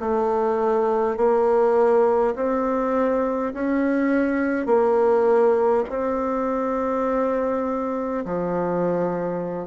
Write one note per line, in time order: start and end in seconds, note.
0.00 1.17 A3
1.17 2.35 A#3
2.35 3.53 C4
3.54 4.66 C#4
4.66 5.84 A#3
5.89 8.25 C4
8.25 9.67 F3